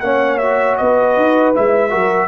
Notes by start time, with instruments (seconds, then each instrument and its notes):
0.00 tuba A#3, trombone C#4, horn C#5, trumpet F#5
0.38 trombone F#4, trumpet E5
0.77 tuba B3, horn B4, trumpet D#5
1.17 tuba D#4
1.55 tuba G#3, trombone E4, trumpet E5
1.90 tuba F#3, trombone F#4, horn A#4